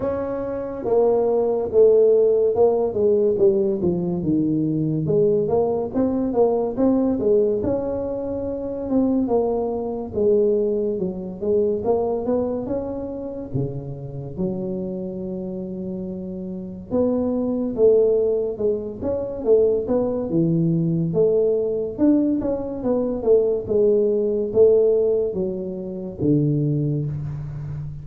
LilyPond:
\new Staff \with { instrumentName = "tuba" } { \time 4/4 \tempo 4 = 71 cis'4 ais4 a4 ais8 gis8 | g8 f8 dis4 gis8 ais8 c'8 ais8 | c'8 gis8 cis'4. c'8 ais4 | gis4 fis8 gis8 ais8 b8 cis'4 |
cis4 fis2. | b4 a4 gis8 cis'8 a8 b8 | e4 a4 d'8 cis'8 b8 a8 | gis4 a4 fis4 d4 | }